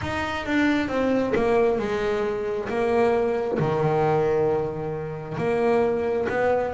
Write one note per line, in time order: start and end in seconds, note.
0.01 0.46 D#4
0.46 0.88 D4
0.88 1.33 C4
1.35 1.78 A#3
1.78 2.68 G#3
2.69 3.58 A#3
3.59 5.37 D#3
5.37 6.27 A#3
6.28 6.73 B3